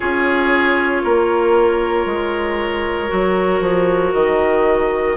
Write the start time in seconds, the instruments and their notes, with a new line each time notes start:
0.00 bassoon C#4, clarinet F4, oboe G#4, flute C#5
1.03 bassoon A#3, oboe A#4
2.06 bassoon G#3
3.08 bassoon F#3, clarinet F#4
3.60 bassoon F3
4.13 bassoon D#3, flute D#5